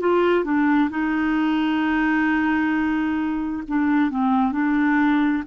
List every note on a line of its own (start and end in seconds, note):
0.00 0.44 F4
0.44 0.90 D4
0.90 3.63 D#4
3.68 4.10 D4
4.10 4.52 C4
4.52 5.43 D4